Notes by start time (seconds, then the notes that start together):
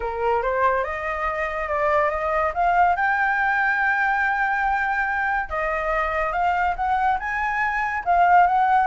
0.00 A#4
0.42 C5
0.84 D#5
1.68 D5
2.10 D#5
2.54 F5
2.96 G5
5.49 D#5
6.32 F5
6.76 F#5
7.19 G#5
8.05 F5
8.46 F#5